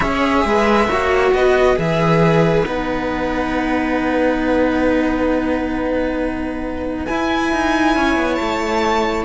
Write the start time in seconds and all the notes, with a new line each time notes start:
0.00 C#4 G#4 C#5 E5
0.44 G#3 B4
0.87 A#3 F#4 C#5
1.32 B3 B4 D#5
1.76 E3 G#4 E5
2.64 B3 D#4 F#5
7.06 E4 G#5
7.52 D#4
7.95 C#4 C#5
8.15 B3
8.35 A3 A5